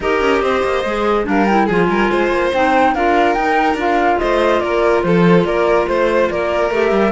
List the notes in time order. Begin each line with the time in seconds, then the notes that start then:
0.00 D#4 G4 A#4 D#5
0.21 C#4
0.42 C4 C5
0.63 A#3
0.84 G#3 G#4
1.24 G3 D4 A#4 F5
1.46 E4 G5
1.66 F3 F4 G#4 G#5
1.89 G3 A#4
2.10 G#3 C5
2.31 A#3
2.53 C4 D#4 G5
2.93 D4 F4 A#4 F5
3.33 D#4 G5
3.74 D4 F4
3.80 F5
4.19 A3 C5 D#5
4.60 A#3 A#4 D5
5.02 F3 A4 C5
5.44 A#3 A#4 D5
5.87 A3 C5
6.30 A#3 A#4 D5
6.70 A3 G4 E5
6.91 G3